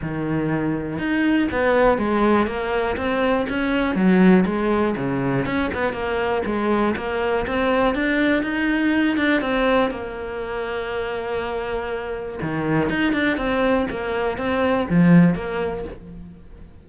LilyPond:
\new Staff \with { instrumentName = "cello" } { \time 4/4 \tempo 4 = 121 dis2 dis'4 b4 | gis4 ais4 c'4 cis'4 | fis4 gis4 cis4 cis'8 b8 | ais4 gis4 ais4 c'4 |
d'4 dis'4. d'8 c'4 | ais1~ | ais4 dis4 dis'8 d'8 c'4 | ais4 c'4 f4 ais4 | }